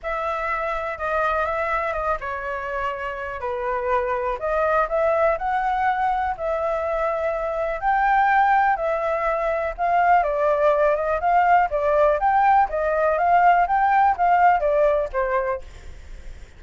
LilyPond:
\new Staff \with { instrumentName = "flute" } { \time 4/4 \tempo 4 = 123 e''2 dis''4 e''4 | dis''8 cis''2~ cis''8 b'4~ | b'4 dis''4 e''4 fis''4~ | fis''4 e''2. |
g''2 e''2 | f''4 d''4. dis''8 f''4 | d''4 g''4 dis''4 f''4 | g''4 f''4 d''4 c''4 | }